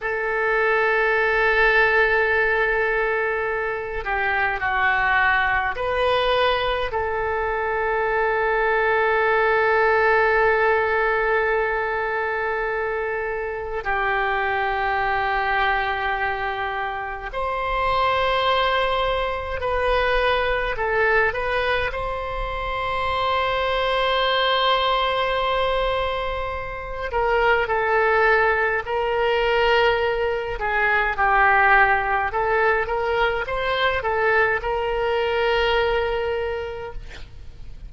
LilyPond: \new Staff \with { instrumentName = "oboe" } { \time 4/4 \tempo 4 = 52 a'2.~ a'8 g'8 | fis'4 b'4 a'2~ | a'1 | g'2. c''4~ |
c''4 b'4 a'8 b'8 c''4~ | c''2.~ c''8 ais'8 | a'4 ais'4. gis'8 g'4 | a'8 ais'8 c''8 a'8 ais'2 | }